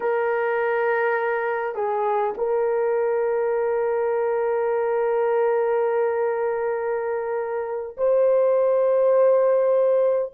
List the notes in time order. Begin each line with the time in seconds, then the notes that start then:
0.00 A#4
1.74 G#4
2.37 A#4
7.97 C5